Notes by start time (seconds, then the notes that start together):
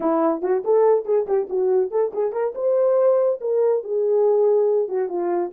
0.00 E4
0.42 F#4
0.64 A4
1.05 G#4
1.26 G4
1.49 F#4
1.91 A4
2.13 G#4
2.32 A#4
2.54 C5
3.40 A#4
3.83 G#4
4.88 F#4
5.09 F4